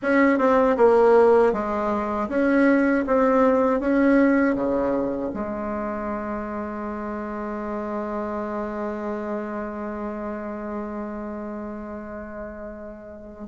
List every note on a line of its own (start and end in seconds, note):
0.02 0.38 C#4
0.38 0.76 C4
0.76 1.52 A#3
1.52 2.28 G#3
2.28 3.04 C#4
3.07 3.80 C4
3.80 4.55 C#4
4.55 5.31 C#3
5.33 13.48 G#3